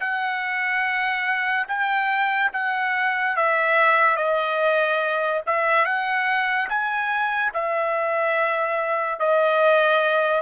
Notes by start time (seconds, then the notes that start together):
0.00 F#5
1.68 G5
2.53 F#5
3.36 E5
4.16 D#5
5.46 E5
5.85 F#5
6.69 G#5
7.54 E5
9.19 D#5